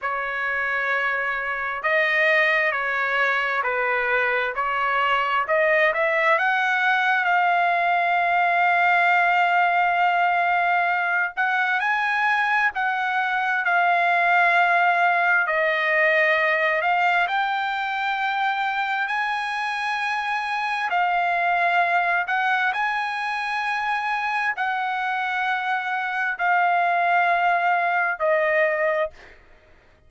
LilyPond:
\new Staff \with { instrumentName = "trumpet" } { \time 4/4 \tempo 4 = 66 cis''2 dis''4 cis''4 | b'4 cis''4 dis''8 e''8 fis''4 | f''1~ | f''8 fis''8 gis''4 fis''4 f''4~ |
f''4 dis''4. f''8 g''4~ | g''4 gis''2 f''4~ | f''8 fis''8 gis''2 fis''4~ | fis''4 f''2 dis''4 | }